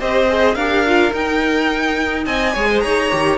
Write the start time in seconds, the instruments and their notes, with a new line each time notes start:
0.00 cello C4, viola G4, violin C5 D#5
0.29 viola G#4
0.55 cello D4, viola G4, violin A#4 F5
0.87 viola F4
1.11 viola D#4, cello D#4, violin G5
2.25 cello C4, violin D#5 G#5
2.53 cello G#3, viola G#4, violin C#5
2.70 violin C5
2.81 cello D#4, violin C#5 A#5
3.11 cello D#3, viola G4